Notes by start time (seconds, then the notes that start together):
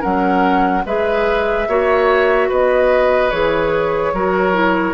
0.00 F#3 C#4 A#4 F#5
0.85 G#3 G#4 B4 E5
1.68 A#3 F#4 C#5
2.48 B3 B4 D#5
3.30 E3 G#4 C#5
4.13 F#3 F#4 A#4
4.53 E4